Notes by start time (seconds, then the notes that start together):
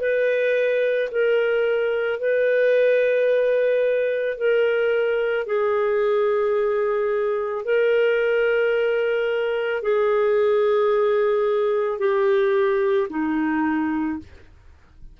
0.00 B4
1.11 A#4
2.20 B4
4.37 A#4
5.46 G#4
7.65 A#4
9.82 G#4
11.99 G4
13.10 D#4